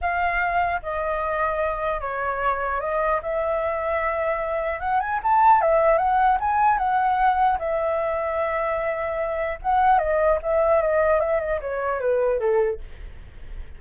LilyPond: \new Staff \with { instrumentName = "flute" } { \time 4/4 \tempo 4 = 150 f''2 dis''2~ | dis''4 cis''2 dis''4 | e''1 | fis''8 gis''8 a''4 e''4 fis''4 |
gis''4 fis''2 e''4~ | e''1 | fis''4 dis''4 e''4 dis''4 | e''8 dis''8 cis''4 b'4 a'4 | }